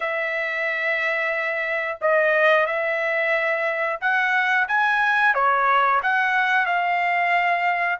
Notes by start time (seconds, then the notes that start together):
0.00 E5
2.01 D#5
2.66 E5
4.00 F#5
4.68 G#5
5.34 C#5
6.02 F#5
6.65 F5